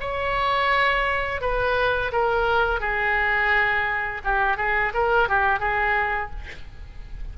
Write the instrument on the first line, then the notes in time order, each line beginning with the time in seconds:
oboe
0.00 C#5
1.41 B4
2.12 A#4
2.80 G#4
4.24 G4
4.57 G#4
4.94 A#4
5.28 G4
5.59 G#4